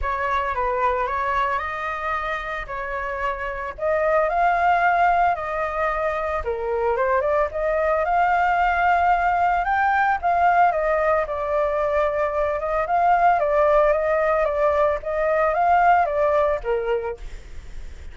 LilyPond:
\new Staff \with { instrumentName = "flute" } { \time 4/4 \tempo 4 = 112 cis''4 b'4 cis''4 dis''4~ | dis''4 cis''2 dis''4 | f''2 dis''2 | ais'4 c''8 d''8 dis''4 f''4~ |
f''2 g''4 f''4 | dis''4 d''2~ d''8 dis''8 | f''4 d''4 dis''4 d''4 | dis''4 f''4 d''4 ais'4 | }